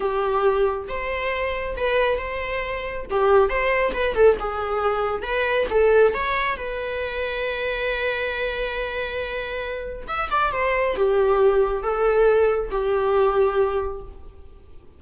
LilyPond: \new Staff \with { instrumentName = "viola" } { \time 4/4 \tempo 4 = 137 g'2 c''2 | b'4 c''2 g'4 | c''4 b'8 a'8 gis'2 | b'4 a'4 cis''4 b'4~ |
b'1~ | b'2. e''8 d''8 | c''4 g'2 a'4~ | a'4 g'2. | }